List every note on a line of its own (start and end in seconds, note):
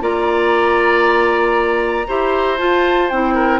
0.00 2.06 A#3
0.00 2.05 F4
0.00 2.07 D5
0.00 2.58 A#5
2.07 2.60 E4
2.07 2.58 G4
2.07 3.34 C5
2.58 3.09 F4
2.58 3.11 F4
2.58 3.09 A5
3.09 3.60 C4
3.09 3.60 E4
3.09 3.60 G5
3.34 3.60 A#4